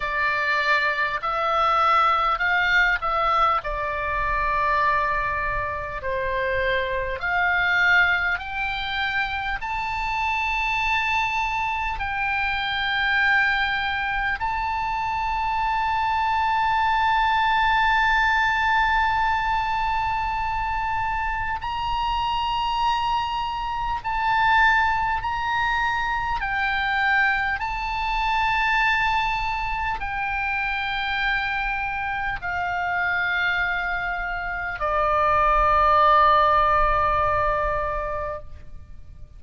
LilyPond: \new Staff \with { instrumentName = "oboe" } { \time 4/4 \tempo 4 = 50 d''4 e''4 f''8 e''8 d''4~ | d''4 c''4 f''4 g''4 | a''2 g''2 | a''1~ |
a''2 ais''2 | a''4 ais''4 g''4 a''4~ | a''4 g''2 f''4~ | f''4 d''2. | }